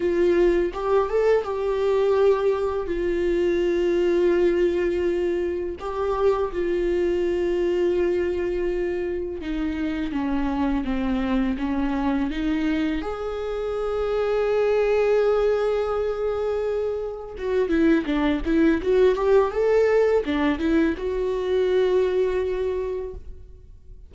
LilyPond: \new Staff \with { instrumentName = "viola" } { \time 4/4 \tempo 4 = 83 f'4 g'8 a'8 g'2 | f'1 | g'4 f'2.~ | f'4 dis'4 cis'4 c'4 |
cis'4 dis'4 gis'2~ | gis'1 | fis'8 e'8 d'8 e'8 fis'8 g'8 a'4 | d'8 e'8 fis'2. | }